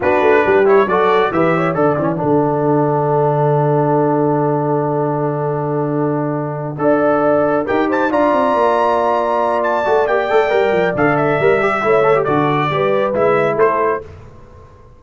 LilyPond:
<<
  \new Staff \with { instrumentName = "trumpet" } { \time 4/4 \tempo 4 = 137 b'4. cis''8 d''4 e''4 | fis''1~ | fis''1~ | fis''1~ |
fis''4. g''8 a''8 ais''4.~ | ais''2 a''4 g''4~ | g''4 f''8 e''2~ e''8 | d''2 e''4 c''4 | }
  \new Staff \with { instrumentName = "horn" } { \time 4/4 fis'4 g'4 a'4 b'8 cis''8 | d''4 a'2.~ | a'1~ | a'2.~ a'8 d''8~ |
d''4. ais'8 c''8 d''4.~ | d''1~ | d''2. cis''4 | a'4 b'2 a'4 | }
  \new Staff \with { instrumentName = "trombone" } { \time 4/4 d'4. e'8 fis'4 g'4 | a'8 cis'8 d'2.~ | d'1~ | d'2.~ d'8 a'8~ |
a'4. g'4 f'4.~ | f'2~ f'8 fis'8 g'8 a'8 | ais'4 a'4 ais'8 g'8 e'8 a'16 g'16 | fis'4 g'4 e'2 | }
  \new Staff \with { instrumentName = "tuba" } { \time 4/4 b8 a8 g4 fis4 e4 | d8 e8 d2.~ | d1~ | d2.~ d8 d'8~ |
d'4. dis'4 d'8 c'8 ais8~ | ais2~ ais8 a8 ais8 a8 | g8 f8 d4 g4 a4 | d4 g4 gis4 a4 | }
>>